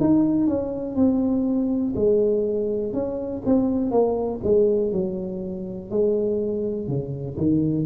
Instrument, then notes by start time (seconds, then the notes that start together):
tuba
0.00 D#4
0.47 C#4
0.96 C4
1.96 G#3
2.93 C#4
3.46 C4
3.91 A#3
4.44 G#3
4.92 F#3
5.91 G#3
6.88 C#3
7.37 D#3